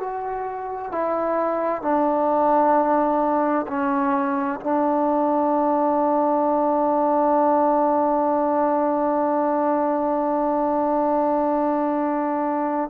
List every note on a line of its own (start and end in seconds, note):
0.00 0.92 F#4
0.92 1.82 E4
1.82 3.67 D4
3.68 4.60 C#4
4.61 12.90 D4